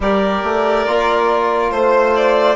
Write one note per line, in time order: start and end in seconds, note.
0.00 0.42 G3
0.00 0.87 G4
0.00 1.73 A#4
0.00 1.70 D5
0.43 0.86 A3
0.87 1.71 A#3
0.87 2.55 F4
1.70 2.55 A3
1.70 2.13 C5
1.70 2.55 C5
2.16 2.55 D5